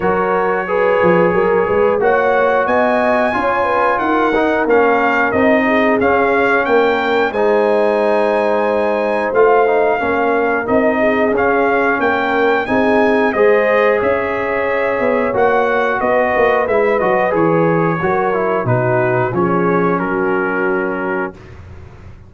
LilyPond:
<<
  \new Staff \with { instrumentName = "trumpet" } { \time 4/4 \tempo 4 = 90 cis''2. fis''4 | gis''2 fis''4 f''4 | dis''4 f''4 g''4 gis''4~ | gis''2 f''2 |
dis''4 f''4 g''4 gis''4 | dis''4 e''2 fis''4 | dis''4 e''8 dis''8 cis''2 | b'4 cis''4 ais'2 | }
  \new Staff \with { instrumentName = "horn" } { \time 4/4 ais'4 b'4 ais'8 b'8 cis''4 | dis''4 cis''8 b'8 ais'2~ | ais'8 gis'4. ais'4 c''4~ | c''2. ais'4~ |
ais'8 gis'4. ais'4 gis'4 | c''4 cis''2. | b'2. ais'4 | fis'4 gis'4 fis'2 | }
  \new Staff \with { instrumentName = "trombone" } { \time 4/4 fis'4 gis'2 fis'4~ | fis'4 f'4. dis'8 cis'4 | dis'4 cis'2 dis'4~ | dis'2 f'8 dis'8 cis'4 |
dis'4 cis'2 dis'4 | gis'2. fis'4~ | fis'4 e'8 fis'8 gis'4 fis'8 e'8 | dis'4 cis'2. | }
  \new Staff \with { instrumentName = "tuba" } { \time 4/4 fis4. f8 fis8 gis8 ais4 | b4 cis'4 dis'4 ais4 | c'4 cis'4 ais4 gis4~ | gis2 a4 ais4 |
c'4 cis'4 ais4 c'4 | gis4 cis'4. b8 ais4 | b8 ais8 gis8 fis8 e4 fis4 | b,4 f4 fis2 | }
>>